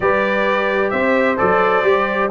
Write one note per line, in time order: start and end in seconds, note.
0.00 0.91 G3
0.00 1.37 G4
0.00 0.92 B4
0.00 0.90 D5
0.90 1.38 C4
0.90 2.30 C5
0.90 1.36 E5
1.37 1.83 F#3
1.37 1.83 A4
1.37 2.30 D5
1.83 2.29 G3
1.83 2.30 G4